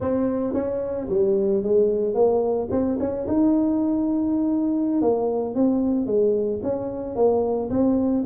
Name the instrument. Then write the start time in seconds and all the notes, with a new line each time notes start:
tuba
0.00 C4
0.53 C#4
1.09 G3
1.63 G#3
2.14 A#3
2.70 C4
2.99 C#4
3.27 D#4
5.01 A#3
5.55 C4
6.06 G#3
6.62 C#4
7.15 A#3
7.70 C4